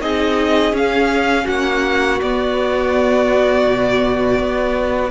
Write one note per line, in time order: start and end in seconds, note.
0.00 0.72 C4
0.00 0.73 D#4
0.00 1.44 G#4
0.00 0.75 D#5
0.72 1.46 C#4
0.72 2.19 C#4
0.72 1.47 F5
1.44 2.20 A#3
1.44 5.10 F#4
1.44 2.20 F#5
2.21 3.67 B3
2.21 5.11 B3
2.21 5.11 D5
3.67 4.38 B2
4.38 5.11 B3